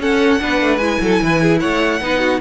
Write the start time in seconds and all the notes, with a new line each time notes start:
0.00 C#4 A4 F#5
0.40 B3 D4 B4
0.62 A3
0.78 G#3 E4 G#5
1.01 F#3 A4
1.23 E3 B4
1.42 G#4
1.60 A3 C#5 F#5
2.01 B3 D#4 B4
2.20 F#4